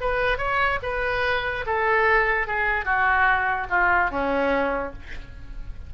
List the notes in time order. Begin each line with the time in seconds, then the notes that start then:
0.00 B4
0.38 C#5
0.82 B4
1.66 A4
2.47 G#4
2.84 F#4
3.69 F4
4.10 C#4